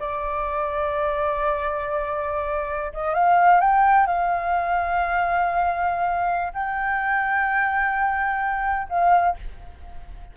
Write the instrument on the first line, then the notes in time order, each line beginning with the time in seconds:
flute
0.00 D5
2.94 D#5
3.15 F5
3.61 G5
4.07 F5
6.54 G5
8.90 F5